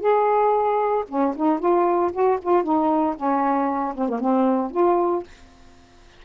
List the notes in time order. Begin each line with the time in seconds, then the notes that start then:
0.00 G#4
1.08 C#4
1.36 D#4
1.59 F4
2.12 F#4
2.42 F4
2.63 D#4
3.16 C#4
3.95 C4
4.09 A#3
4.20 C4
4.71 F4